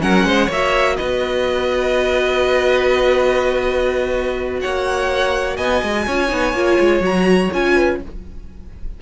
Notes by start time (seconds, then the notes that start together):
0.00 F#3 C#4 A#4 F#5
0.25 G#3 C5
0.46 A#3 C#5
0.52 F#4 E5
0.97 B3 B4 D#5
4.62 A#3 C#5 F#5
5.57 B3 D#5 G#5
5.83 G#3
6.07 C#4 F4 C#5
6.29 B3 D#4
6.54 A#3 F4
6.80 G#3
7.01 F#3 F#4 A#5
7.53 C#4 F4 G#5
7.76 B4